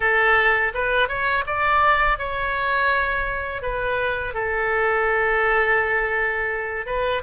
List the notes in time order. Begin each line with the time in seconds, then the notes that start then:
0.00 A4
0.74 B4
1.08 C#5
1.46 D5
2.18 C#5
3.61 B4
4.34 A4
6.86 B4